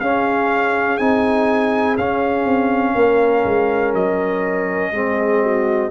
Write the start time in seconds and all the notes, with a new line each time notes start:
0.00 C#4 G#4 F5
0.98 C4 D#4 G#5
1.98 C#4 F5
2.45 C4
2.95 A#3 A#4
3.45 G#3
3.94 F#3 D#5
4.92 G#3 C4 G#4
5.42 F#4